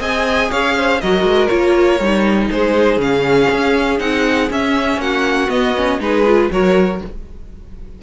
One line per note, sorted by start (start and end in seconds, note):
0.00 0.50 C4
0.00 1.00 G#4
0.00 0.50 D#5
0.00 0.52 G#5
0.51 1.02 C#4
0.51 0.76 C#5
0.51 1.01 F5
0.77 1.02 C5
1.01 1.23 F#3
1.01 1.49 F#4
1.01 2.51 A#4
1.01 1.48 D#5
1.23 1.48 G#3
1.48 2.00 A#3
1.48 1.99 F4
1.48 2.48 C#5
2.00 2.50 G3
2.00 3.00 D#4
2.51 2.97 G#3
2.51 5.01 G#4
2.51 3.01 C5
2.97 3.47 C#3
2.97 3.99 C#4
2.97 3.99 F5
3.52 4.00 C#4
3.99 4.50 C4
3.99 4.49 D#4
3.99 4.49 F#5
4.50 4.98 C#4
4.50 5.49 C#4
4.50 5.01 E5
4.98 5.48 A#3
4.98 6.01 F#4
4.98 5.50 F#5
5.49 5.74 B3
5.49 6.00 B3
5.49 6.00 D#5
5.76 6.01 C#4
6.00 6.50 G#3
6.00 6.26 D#4
6.00 6.51 G#4
6.00 6.52 B4
6.27 6.52 F4
6.51 7.01 F#3
6.51 7.02 F#4
6.51 7.03 A#4
6.51 7.02 C#5